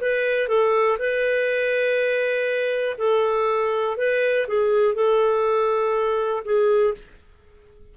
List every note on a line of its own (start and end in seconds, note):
0.00 0.48 B4
0.48 0.97 A4
0.98 2.96 B4
2.98 3.97 A4
3.97 4.46 B4
4.47 4.94 G#4
4.94 6.43 A4
6.44 6.94 G#4